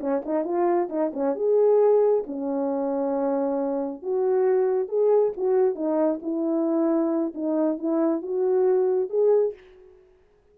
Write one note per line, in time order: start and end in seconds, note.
0.00 0.22 C#4
0.25 0.44 D#4
0.44 0.88 F4
0.89 1.11 D#4
1.13 1.35 C#4
1.35 2.24 G#4
2.26 4.02 C#4
4.02 4.88 F#4
4.88 5.33 G#4
5.36 5.75 F#4
5.75 6.19 D#4
6.22 7.33 E4
7.34 7.78 D#4
7.78 8.22 E4
8.22 9.09 F#4
9.09 9.54 G#4